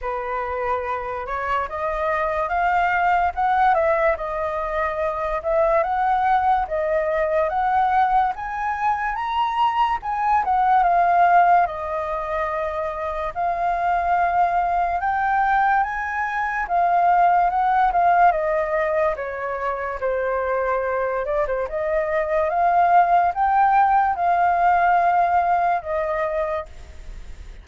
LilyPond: \new Staff \with { instrumentName = "flute" } { \time 4/4 \tempo 4 = 72 b'4. cis''8 dis''4 f''4 | fis''8 e''8 dis''4. e''8 fis''4 | dis''4 fis''4 gis''4 ais''4 | gis''8 fis''8 f''4 dis''2 |
f''2 g''4 gis''4 | f''4 fis''8 f''8 dis''4 cis''4 | c''4. d''16 c''16 dis''4 f''4 | g''4 f''2 dis''4 | }